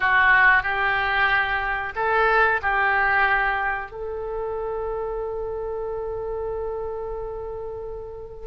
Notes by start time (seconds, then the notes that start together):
0.00 F#4
0.63 G4
1.95 A4
2.61 G4
3.91 A4